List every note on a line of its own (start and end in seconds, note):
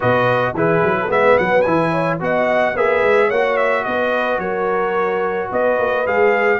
0.00 0.53 B2
0.00 0.54 F#4
0.00 0.54 B4
0.00 0.55 D#5
0.53 0.81 E3
0.53 1.08 E4
0.53 0.97 G#4
0.53 1.11 B4
0.82 1.08 F#3
1.01 1.11 A4
1.08 1.36 G#3
1.08 1.63 B3
1.08 1.91 B4
1.08 1.38 E5
1.38 1.66 F#3
1.38 1.61 F#5
1.61 2.20 E3
1.61 2.19 E4
1.61 2.16 G#5
1.91 2.18 C#5
2.19 2.75 B3
2.19 2.75 F#4
2.19 2.74 D#5
2.19 2.76 F#5
2.74 3.03 A#3
2.74 3.31 G#4
2.74 3.26 B4
2.74 3.30 E5
3.03 3.30 G#3
3.26 3.85 A#3
3.26 3.82 C#5
3.26 3.56 F#5
3.33 6.06 F#4
3.56 3.84 E5
3.84 4.38 B3
3.84 4.40 B4
3.84 4.39 D#5
4.38 5.48 F#3
4.38 5.49 A#4
4.38 5.49 C#5
5.49 5.79 B3
5.49 6.59 B4
5.49 6.07 D#5
5.79 6.06 A#3
6.06 6.59 G#3
6.06 6.59 G#4
6.06 6.59 F5